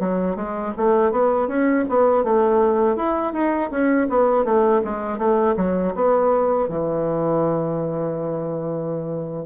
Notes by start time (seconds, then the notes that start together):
0.00 F#3
0.36 G#3
0.77 A3
1.12 B3
1.48 C#4
1.90 B3
2.24 A3
2.97 E4
3.33 D#4
3.71 C#4
4.10 B3
4.45 A3
4.85 G#3
5.18 A3
5.57 F#3
5.95 B3
6.69 E3